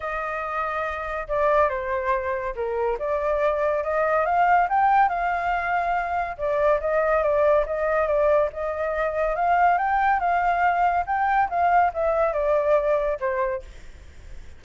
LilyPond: \new Staff \with { instrumentName = "flute" } { \time 4/4 \tempo 4 = 141 dis''2. d''4 | c''2 ais'4 d''4~ | d''4 dis''4 f''4 g''4 | f''2. d''4 |
dis''4 d''4 dis''4 d''4 | dis''2 f''4 g''4 | f''2 g''4 f''4 | e''4 d''2 c''4 | }